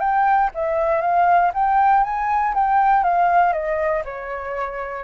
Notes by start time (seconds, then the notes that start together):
0.00 G5
0.55 E5
1.01 F5
1.54 G5
2.04 G#5
2.54 G5
3.04 F5
3.53 D#5
4.05 C#5